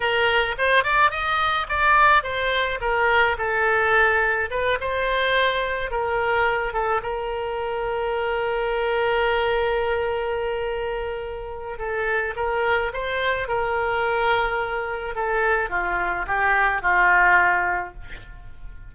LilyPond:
\new Staff \with { instrumentName = "oboe" } { \time 4/4 \tempo 4 = 107 ais'4 c''8 d''8 dis''4 d''4 | c''4 ais'4 a'2 | b'8 c''2 ais'4. | a'8 ais'2.~ ais'8~ |
ais'1~ | ais'4 a'4 ais'4 c''4 | ais'2. a'4 | f'4 g'4 f'2 | }